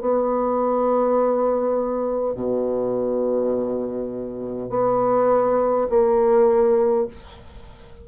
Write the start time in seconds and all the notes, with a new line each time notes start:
0.00 B3
2.34 B2
4.70 B3
5.89 A#3